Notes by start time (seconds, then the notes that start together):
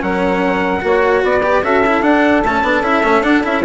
0.00 F#3 C#4 A#4 F#5
0.81 A#3 F#4 C#5
1.23 B3 B4 D5
1.43 G4
1.63 C#4 F#4 A4 E5
1.87 E4
2.03 D4 F#5
2.45 A3 C#4 A5
2.63 B3 D4
2.82 C#4 E4 E5
3.04 A3 C#4
3.23 D4 F#5
3.44 C#4 E4 E5